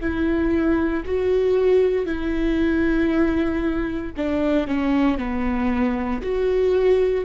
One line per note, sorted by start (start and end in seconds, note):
0.00 1.03 E4
1.05 2.05 F#4
2.05 4.12 E4
4.17 4.67 D4
4.67 5.18 C#4
5.18 6.22 B3
6.22 7.25 F#4